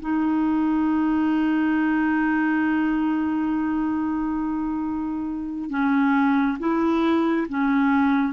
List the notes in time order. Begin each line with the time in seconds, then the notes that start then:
0.00 D#4
5.70 C#4
6.59 E4
7.48 C#4